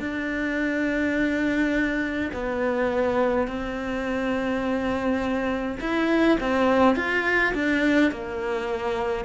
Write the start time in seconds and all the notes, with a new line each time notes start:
0.00 D4
2.33 B3
3.47 C4
5.80 E4
6.40 C4
6.95 F4
7.54 D4
8.11 A#3